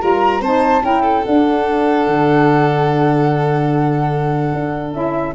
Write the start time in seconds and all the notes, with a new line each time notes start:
0.00 G3 F4 A#4 A#5
0.41 C4 D#4 C5 A5
0.83 C#4 E4 A#4 G5
1.02 A4
1.24 D4 F#5
2.07 D3
4.54 D4
4.93 C#4 E4 E5